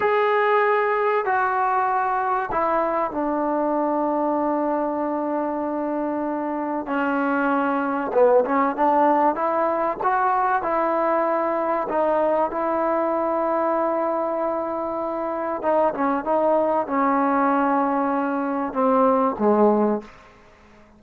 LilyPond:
\new Staff \with { instrumentName = "trombone" } { \time 4/4 \tempo 4 = 96 gis'2 fis'2 | e'4 d'2.~ | d'2. cis'4~ | cis'4 b8 cis'8 d'4 e'4 |
fis'4 e'2 dis'4 | e'1~ | e'4 dis'8 cis'8 dis'4 cis'4~ | cis'2 c'4 gis4 | }